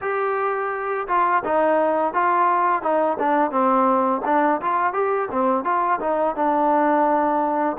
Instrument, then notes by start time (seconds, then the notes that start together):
trombone
0.01 G4
1.07 F4
1.44 D#4
2.13 F4
2.82 D#4
3.19 D4
3.51 C4
4.25 D4
4.61 F4
4.93 G4
5.31 C4
5.64 F4
6.00 D#4
6.35 D4